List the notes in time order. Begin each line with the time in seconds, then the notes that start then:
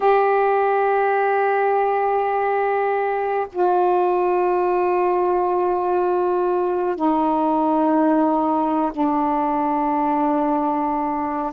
0.00 G4
3.52 F4
6.96 D#4
8.92 D4